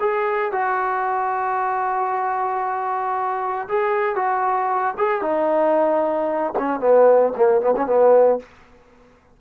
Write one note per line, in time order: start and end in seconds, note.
0.00 0.52 G#4
0.52 3.68 F#4
3.69 4.16 G#4
4.16 4.95 F#4
4.98 5.22 G#4
5.22 6.53 D#4
6.59 6.80 C#4
6.80 7.33 B3
7.36 7.61 A#3
7.61 7.74 B3
7.77 7.87 C#4
7.87 8.39 B3